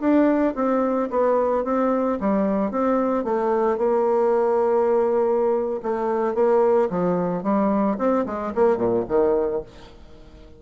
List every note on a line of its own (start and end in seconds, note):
0.00 0.54 D4
0.55 1.09 C4
1.10 1.64 B3
1.64 2.18 C4
2.20 2.71 G3
2.71 3.24 C4
3.24 3.78 A3
3.78 5.80 A#3
5.82 6.35 A3
6.35 6.89 A#3
6.90 7.43 F3
7.43 7.97 G3
7.98 8.25 C4
8.26 8.53 G#3
8.55 8.77 A#3
8.77 9.04 A#2
9.08 9.62 D#3